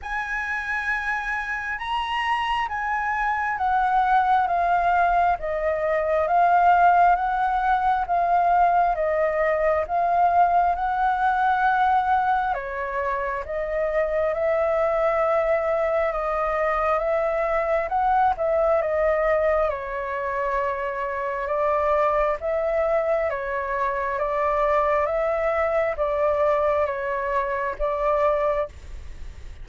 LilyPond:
\new Staff \with { instrumentName = "flute" } { \time 4/4 \tempo 4 = 67 gis''2 ais''4 gis''4 | fis''4 f''4 dis''4 f''4 | fis''4 f''4 dis''4 f''4 | fis''2 cis''4 dis''4 |
e''2 dis''4 e''4 | fis''8 e''8 dis''4 cis''2 | d''4 e''4 cis''4 d''4 | e''4 d''4 cis''4 d''4 | }